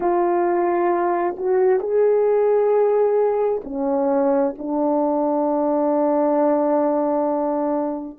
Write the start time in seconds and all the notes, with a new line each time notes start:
0.00 F4
1.37 F#4
1.79 G#4
3.64 C#4
4.57 D4